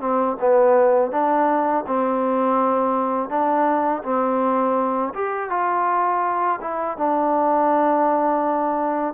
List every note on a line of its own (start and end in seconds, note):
0.00 0.37 C4
0.40 1.11 B3
1.11 1.84 D4
1.87 3.29 C4
3.29 4.02 D4
4.03 5.13 C4
5.14 5.50 G4
5.50 6.60 F4
6.61 6.97 E4
6.97 9.14 D4